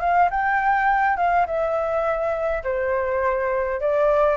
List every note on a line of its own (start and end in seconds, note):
0.00 0.29 F5
0.30 1.17 G5
1.17 1.46 F5
1.46 2.63 E5
2.64 3.80 C5
3.80 4.37 D5